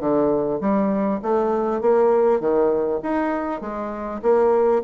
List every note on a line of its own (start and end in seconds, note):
0.00 0.60 D3
0.61 1.21 G3
1.22 1.81 A3
1.81 2.40 A#3
2.40 3.00 D#3
3.03 3.61 D#4
3.61 4.21 G#3
4.23 4.83 A#3